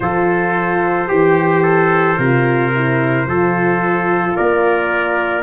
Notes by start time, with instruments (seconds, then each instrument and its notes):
0.00 tuba F3, horn F4, trumpet A4 C5
1.08 tuba E3, horn G4, trumpet G4
1.63 trumpet A4
2.17 tuba C3, horn F4, trumpet A#4
2.75 horn E4
3.25 tuba F3, horn F4, trumpet A4
4.36 tuba A#3, trumpet A#4 D5